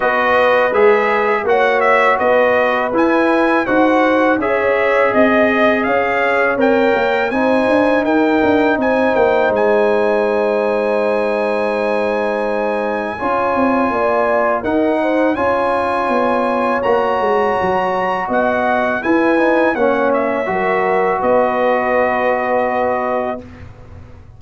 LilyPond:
<<
  \new Staff \with { instrumentName = "trumpet" } { \time 4/4 \tempo 4 = 82 dis''4 e''4 fis''8 e''8 dis''4 | gis''4 fis''4 e''4 dis''4 | f''4 g''4 gis''4 g''4 | gis''8 g''8 gis''2.~ |
gis''1 | fis''4 gis''2 ais''4~ | ais''4 fis''4 gis''4 fis''8 e''8~ | e''4 dis''2. | }
  \new Staff \with { instrumentName = "horn" } { \time 4/4 b'2 cis''4 b'4~ | b'4 c''4 cis''4 dis''4 | cis''2 c''4 ais'4 | c''1~ |
c''2 cis''4 d''4 | ais'8 c''8 cis''2.~ | cis''4 dis''4 b'4 cis''4 | ais'4 b'2. | }
  \new Staff \with { instrumentName = "trombone" } { \time 4/4 fis'4 gis'4 fis'2 | e'4 fis'4 gis'2~ | gis'4 ais'4 dis'2~ | dis'1~ |
dis'2 f'2 | dis'4 f'2 fis'4~ | fis'2 e'8 dis'8 cis'4 | fis'1 | }
  \new Staff \with { instrumentName = "tuba" } { \time 4/4 b4 gis4 ais4 b4 | e'4 dis'4 cis'4 c'4 | cis'4 c'8 ais8 c'8 d'8 dis'8 d'8 | c'8 ais8 gis2.~ |
gis2 cis'8 c'8 ais4 | dis'4 cis'4 b4 ais8 gis8 | fis4 b4 e'4 ais4 | fis4 b2. | }
>>